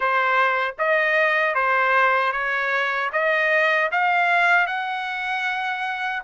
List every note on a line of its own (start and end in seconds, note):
0.00 0.75 C5
0.78 1.54 D#5
1.54 2.32 C5
2.32 3.10 C#5
3.12 3.90 D#5
3.91 4.66 F5
4.66 6.22 F#5